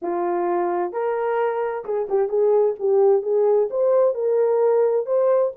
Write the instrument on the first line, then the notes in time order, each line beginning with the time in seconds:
horn
0.02 F4
0.92 A#4
1.84 G#4
2.09 G4
2.28 G#4
2.79 G4
3.22 G#4
3.70 C5
4.14 A#4
5.05 C5